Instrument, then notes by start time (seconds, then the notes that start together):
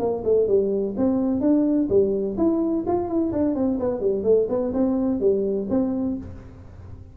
tuba
0.00 A#3
0.25 A3
0.48 G3
0.97 C4
1.41 D4
1.90 G3
2.38 E4
2.88 F4
3.09 E4
3.32 D4
3.56 C4
3.80 B3
4.01 G3
4.24 A3
4.49 B3
4.74 C4
5.21 G3
5.70 C4